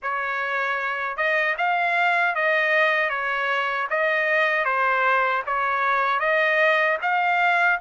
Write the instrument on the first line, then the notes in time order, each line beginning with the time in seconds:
trumpet
0.02 C#5
1.16 D#5
1.57 F5
2.35 D#5
3.09 C#5
3.90 D#5
4.64 C5
5.46 C#5
6.19 D#5
7.01 F5